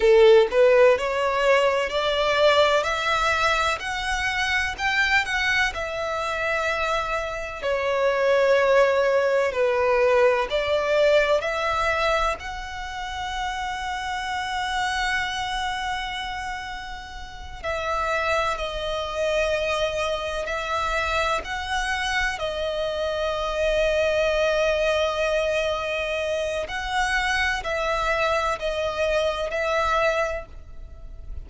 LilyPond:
\new Staff \with { instrumentName = "violin" } { \time 4/4 \tempo 4 = 63 a'8 b'8 cis''4 d''4 e''4 | fis''4 g''8 fis''8 e''2 | cis''2 b'4 d''4 | e''4 fis''2.~ |
fis''2~ fis''8 e''4 dis''8~ | dis''4. e''4 fis''4 dis''8~ | dis''1 | fis''4 e''4 dis''4 e''4 | }